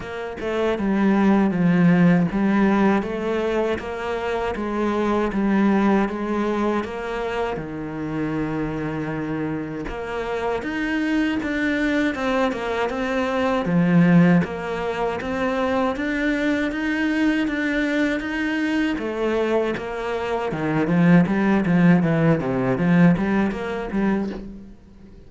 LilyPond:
\new Staff \with { instrumentName = "cello" } { \time 4/4 \tempo 4 = 79 ais8 a8 g4 f4 g4 | a4 ais4 gis4 g4 | gis4 ais4 dis2~ | dis4 ais4 dis'4 d'4 |
c'8 ais8 c'4 f4 ais4 | c'4 d'4 dis'4 d'4 | dis'4 a4 ais4 dis8 f8 | g8 f8 e8 c8 f8 g8 ais8 g8 | }